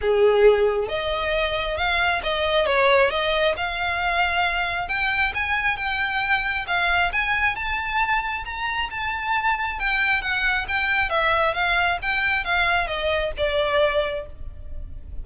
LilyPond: \new Staff \with { instrumentName = "violin" } { \time 4/4 \tempo 4 = 135 gis'2 dis''2 | f''4 dis''4 cis''4 dis''4 | f''2. g''4 | gis''4 g''2 f''4 |
gis''4 a''2 ais''4 | a''2 g''4 fis''4 | g''4 e''4 f''4 g''4 | f''4 dis''4 d''2 | }